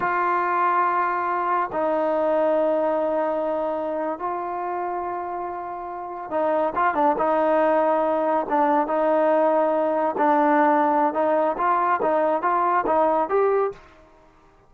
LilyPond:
\new Staff \with { instrumentName = "trombone" } { \time 4/4 \tempo 4 = 140 f'1 | dis'1~ | dis'4.~ dis'16 f'2~ f'16~ | f'2~ f'8. dis'4 f'16~ |
f'16 d'8 dis'2. d'16~ | d'8. dis'2. d'16~ | d'2 dis'4 f'4 | dis'4 f'4 dis'4 g'4 | }